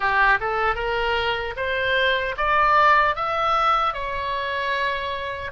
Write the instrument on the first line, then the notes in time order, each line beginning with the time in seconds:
oboe
0.00 G4
0.40 A4
0.75 A#4
1.56 C5
2.37 D5
3.15 E5
3.93 C#5